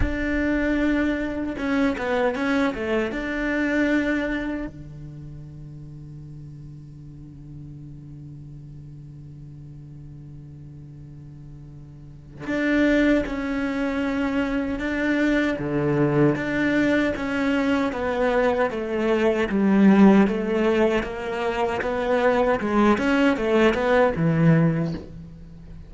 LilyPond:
\new Staff \with { instrumentName = "cello" } { \time 4/4 \tempo 4 = 77 d'2 cis'8 b8 cis'8 a8 | d'2 d2~ | d1~ | d1 |
d'4 cis'2 d'4 | d4 d'4 cis'4 b4 | a4 g4 a4 ais4 | b4 gis8 cis'8 a8 b8 e4 | }